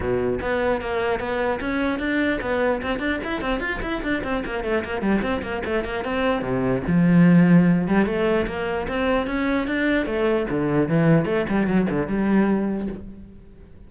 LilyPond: \new Staff \with { instrumentName = "cello" } { \time 4/4 \tempo 4 = 149 b,4 b4 ais4 b4 | cis'4 d'4 b4 c'8 d'8 | e'8 c'8 f'8 e'8 d'8 c'8 ais8 a8 | ais8 g8 c'8 ais8 a8 ais8 c'4 |
c4 f2~ f8 g8 | a4 ais4 c'4 cis'4 | d'4 a4 d4 e4 | a8 g8 fis8 d8 g2 | }